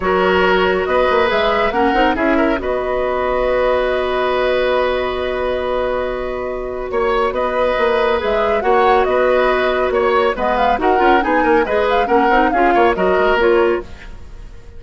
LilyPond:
<<
  \new Staff \with { instrumentName = "flute" } { \time 4/4 \tempo 4 = 139 cis''2 dis''4 e''4 | fis''4 e''4 dis''2~ | dis''1~ | dis''1 |
cis''4 dis''2 e''4 | fis''4 dis''2 cis''4 | dis''8 f''8 fis''4 gis''4 dis''8 f''8 | fis''4 f''4 dis''4 cis''4 | }
  \new Staff \with { instrumentName = "oboe" } { \time 4/4 ais'2 b'2 | ais'4 gis'8 ais'8 b'2~ | b'1~ | b'1 |
cis''4 b'2. | cis''4 b'2 cis''4 | b'4 ais'4 gis'8 ais'8 b'4 | ais'4 gis'8 cis''8 ais'2 | }
  \new Staff \with { instrumentName = "clarinet" } { \time 4/4 fis'2. gis'4 | cis'8 dis'8 e'4 fis'2~ | fis'1~ | fis'1~ |
fis'2. gis'4 | fis'1 | b4 fis'8 f'8 dis'4 gis'4 | cis'8 dis'8 f'4 fis'4 f'4 | }
  \new Staff \with { instrumentName = "bassoon" } { \time 4/4 fis2 b8 ais8 gis4 | ais8 c'8 cis'4 b2~ | b1~ | b1 |
ais4 b4 ais4 gis4 | ais4 b2 ais4 | gis4 dis'8 cis'8 b8 ais8 gis4 | ais8 c'8 cis'8 ais8 fis8 gis8 ais4 | }
>>